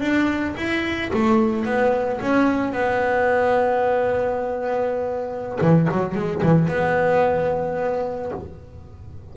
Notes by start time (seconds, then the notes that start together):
0.00 D4
0.57 E4
1.13 A3
1.65 B3
2.21 C#4
2.72 B3
5.61 E3
5.91 F#3
6.15 G#3
6.42 E3
6.68 B3